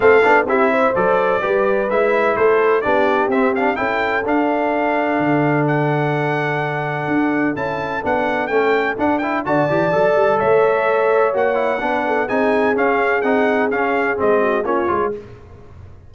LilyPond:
<<
  \new Staff \with { instrumentName = "trumpet" } { \time 4/4 \tempo 4 = 127 f''4 e''4 d''2 | e''4 c''4 d''4 e''8 f''8 | g''4 f''2. | fis''1 |
a''4 fis''4 g''4 fis''8 g''8 | a''2 e''2 | fis''2 gis''4 f''4 | fis''4 f''4 dis''4 cis''4 | }
  \new Staff \with { instrumentName = "horn" } { \time 4/4 a'4 g'8 c''4. b'4~ | b'4 a'4 g'2 | a'1~ | a'1~ |
a'1 | d''2 cis''2~ | cis''4 b'8 a'8 gis'2~ | gis'2~ gis'8 fis'8 f'4 | }
  \new Staff \with { instrumentName = "trombone" } { \time 4/4 c'8 d'8 e'4 a'4 g'4 | e'2 d'4 c'8 d'8 | e'4 d'2.~ | d'1 |
e'4 d'4 cis'4 d'8 e'8 | fis'8 g'8 a'2. | fis'8 e'8 d'4 dis'4 cis'4 | dis'4 cis'4 c'4 cis'8 f'8 | }
  \new Staff \with { instrumentName = "tuba" } { \time 4/4 a8 b8 c'4 fis4 g4 | gis4 a4 b4 c'4 | cis'4 d'2 d4~ | d2. d'4 |
cis'4 b4 a4 d'4 | d8 e8 fis8 g8 a2 | ais4 b4 c'4 cis'4 | c'4 cis'4 gis4 ais8 gis8 | }
>>